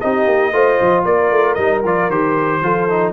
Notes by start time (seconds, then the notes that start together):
0.00 C4 D#4 G4 D#5
0.26 A#3
0.52 A3 F4 C5
0.80 F3
1.04 A#3 A#4 D5
1.31 A3
1.54 G3 D#4 D#5
1.84 F3 F4 D5
2.09 D#3 G4 C5
2.62 F3 F4 A4
2.89 D#4